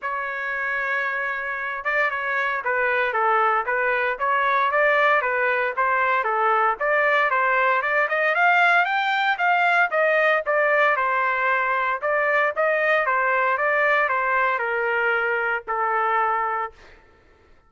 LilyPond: \new Staff \with { instrumentName = "trumpet" } { \time 4/4 \tempo 4 = 115 cis''2.~ cis''8 d''8 | cis''4 b'4 a'4 b'4 | cis''4 d''4 b'4 c''4 | a'4 d''4 c''4 d''8 dis''8 |
f''4 g''4 f''4 dis''4 | d''4 c''2 d''4 | dis''4 c''4 d''4 c''4 | ais'2 a'2 | }